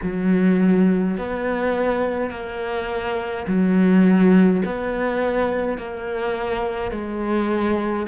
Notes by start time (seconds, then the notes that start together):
0.02 F#3
1.17 B3
2.30 A#3
3.47 F#3
4.65 B3
5.77 A#3
6.91 G#3